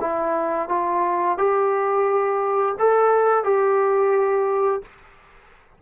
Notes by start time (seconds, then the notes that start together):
0.00 E4
0.69 F4
1.37 G4
2.79 A4
3.44 G4